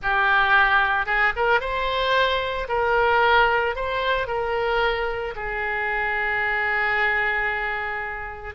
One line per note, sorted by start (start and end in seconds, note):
0.02 1.06 G4
1.06 1.32 G#4
1.36 1.60 A#4
1.60 2.67 C5
2.68 3.75 A#4
3.75 4.27 C5
4.27 5.34 A#4
5.35 8.54 G#4